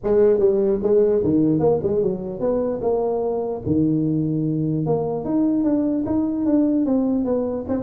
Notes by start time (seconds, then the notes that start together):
0.03 G#3
0.39 G3
0.82 G#3
1.23 D#3
1.59 A#3
1.82 G#3
2.02 F#3
2.40 B3
2.81 A#3
3.66 D#3
4.86 A#3
5.24 D#4
5.64 D4
6.06 D#4
6.45 D4
6.85 C4
7.24 B3
7.68 C4